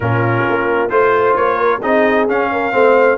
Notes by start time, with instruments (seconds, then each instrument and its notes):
0.00 tuba A#2, trombone C#4, horn F4, trumpet A#4
0.48 tuba A#3
0.89 tuba A3, trombone F4, trumpet C5, horn C5
1.35 tuba A#3, trumpet C#5
1.57 horn A#4
1.81 tuba C4, trombone D#4, horn G#4, trumpet D#5
2.27 tuba C#4, trombone C#4, trumpet F5
2.52 horn A#4
2.72 tuba A3, trombone C4, horn C5